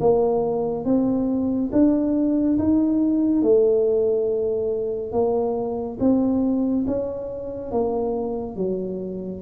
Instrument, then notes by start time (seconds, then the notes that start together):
tuba
0.00 A#3
0.85 C4
1.72 D4
2.59 D#4
3.42 A3
5.12 A#3
6.00 C4
6.87 C#4
7.71 A#3
8.56 F#3